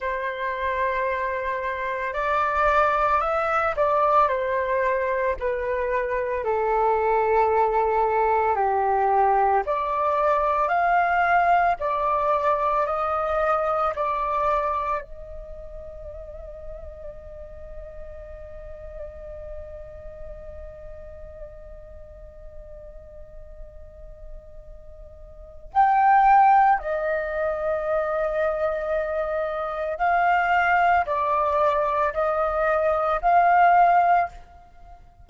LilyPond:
\new Staff \with { instrumentName = "flute" } { \time 4/4 \tempo 4 = 56 c''2 d''4 e''8 d''8 | c''4 b'4 a'2 | g'4 d''4 f''4 d''4 | dis''4 d''4 dis''2~ |
dis''1~ | dis''1 | g''4 dis''2. | f''4 d''4 dis''4 f''4 | }